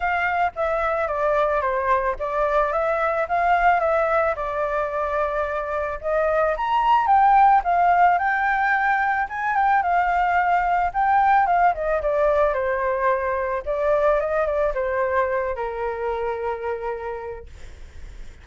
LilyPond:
\new Staff \with { instrumentName = "flute" } { \time 4/4 \tempo 4 = 110 f''4 e''4 d''4 c''4 | d''4 e''4 f''4 e''4 | d''2. dis''4 | ais''4 g''4 f''4 g''4~ |
g''4 gis''8 g''8 f''2 | g''4 f''8 dis''8 d''4 c''4~ | c''4 d''4 dis''8 d''8 c''4~ | c''8 ais'2.~ ais'8 | }